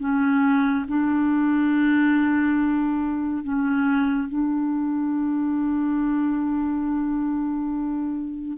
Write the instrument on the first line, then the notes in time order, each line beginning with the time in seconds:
clarinet
0.00 C#4
0.88 D4
3.44 C#4
4.29 D4